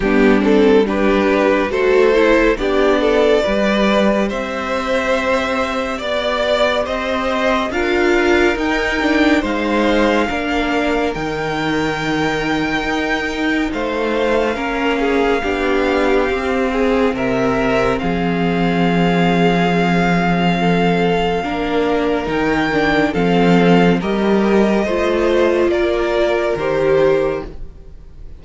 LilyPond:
<<
  \new Staff \with { instrumentName = "violin" } { \time 4/4 \tempo 4 = 70 g'8 a'8 b'4 c''4 d''4~ | d''4 e''2 d''4 | dis''4 f''4 g''4 f''4~ | f''4 g''2. |
f''1 | e''4 f''2.~ | f''2 g''4 f''4 | dis''2 d''4 c''4 | }
  \new Staff \with { instrumentName = "violin" } { \time 4/4 d'4 g'4 a'4 g'8 a'8 | b'4 c''2 d''4 | c''4 ais'2 c''4 | ais'1 |
c''4 ais'8 gis'8 g'4. gis'8 | ais'4 gis'2. | a'4 ais'2 a'4 | ais'4 c''4 ais'2 | }
  \new Staff \with { instrumentName = "viola" } { \time 4/4 b8 c'8 d'4 fis'8 e'8 d'4 | g'1~ | g'4 f'4 dis'8 d'8 dis'4 | d'4 dis'2.~ |
dis'4 cis'4 d'4 c'4~ | c'1~ | c'4 d'4 dis'8 d'8 c'4 | g'4 f'2 g'4 | }
  \new Staff \with { instrumentName = "cello" } { \time 4/4 g2 a4 b4 | g4 c'2 b4 | c'4 d'4 dis'4 gis4 | ais4 dis2 dis'4 |
a4 ais4 b4 c'4 | c4 f2.~ | f4 ais4 dis4 f4 | g4 a4 ais4 dis4 | }
>>